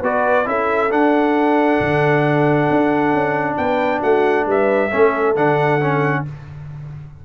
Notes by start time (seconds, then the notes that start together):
0.00 B3 F#4 B4 D5
0.45 C#4 E4 A4 E5
0.90 D4 F#5
1.80 D3
2.69 D4
3.13 C#4
3.56 B3 B4 G5
3.99 A3 F#4 F#5
4.46 G3 B4 E5
4.90 A3 C#4 A4
5.35 D3 D4 F#5
5.80 C#4